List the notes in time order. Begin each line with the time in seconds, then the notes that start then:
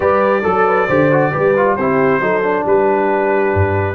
0.00 G3 G4 B4 D5
0.41 F#3 A4
0.67 B4
0.87 D3 G4 C5
1.11 F#4
1.32 G3 G4 B4
1.57 F4
1.76 C4 E4 G4 C5
2.19 F#3 D#4 A4
2.43 D4
2.65 G3 G4 B4
3.53 G2